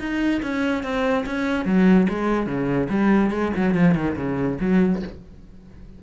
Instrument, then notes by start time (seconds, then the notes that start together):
cello
0.00 D#4
0.43 C#4
0.84 C4
1.26 C#4
1.66 F#3
2.10 G#3
2.47 C#3
2.90 G3
3.31 G#3
3.57 F#3
3.75 F3
3.95 D#3
4.16 C#3
4.61 F#3